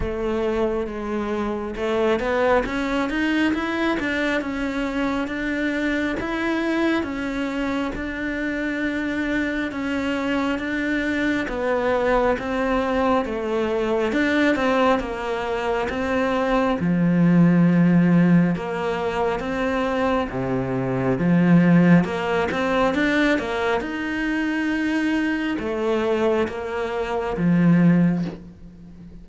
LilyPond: \new Staff \with { instrumentName = "cello" } { \time 4/4 \tempo 4 = 68 a4 gis4 a8 b8 cis'8 dis'8 | e'8 d'8 cis'4 d'4 e'4 | cis'4 d'2 cis'4 | d'4 b4 c'4 a4 |
d'8 c'8 ais4 c'4 f4~ | f4 ais4 c'4 c4 | f4 ais8 c'8 d'8 ais8 dis'4~ | dis'4 a4 ais4 f4 | }